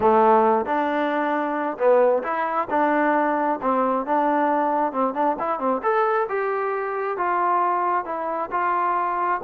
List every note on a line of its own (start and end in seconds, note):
0.00 0.65 A3
0.65 1.77 D4
1.78 2.23 B3
2.23 2.67 E4
2.69 3.59 D4
3.61 4.06 C4
4.06 4.92 D4
4.92 5.14 C4
5.14 5.36 D4
5.39 5.59 E4
5.59 5.81 C4
5.82 6.27 A4
6.28 7.17 G4
7.17 8.05 F4
8.05 8.50 E4
8.51 9.40 F4